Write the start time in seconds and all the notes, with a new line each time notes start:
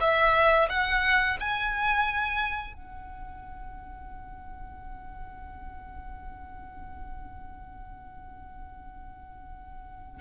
0.00 E5
0.69 F#5
1.39 G#5
2.73 F#5